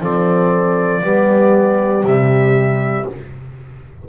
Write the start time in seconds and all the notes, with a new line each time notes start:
0.00 F3 C4 A4 D5
1.02 G3 B3 G4
2.03 C3 G3 E5